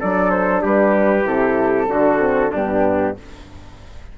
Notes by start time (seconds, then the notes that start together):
0.00 F#3 D4 A4 D5
0.31 C5
0.62 G3 G4 B4
1.24 C3 E4 A4
1.88 D3 D4 F#4
2.19 C4
2.52 G2 B3 D4 G4